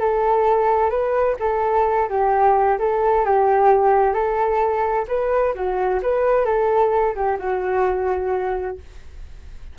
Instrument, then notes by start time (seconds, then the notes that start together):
flute
0.00 A4
0.90 B4
1.40 A4
2.10 G4
2.79 A4
3.25 G4
4.14 A4
5.08 B4
5.54 F#4
6.03 B4
6.46 A4
7.15 G4
7.40 F#4